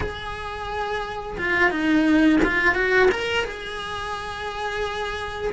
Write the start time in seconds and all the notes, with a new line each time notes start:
0.00 G#4
1.38 F4
1.70 D#4
2.44 F4
2.74 F#4
3.11 A#4
3.44 G#4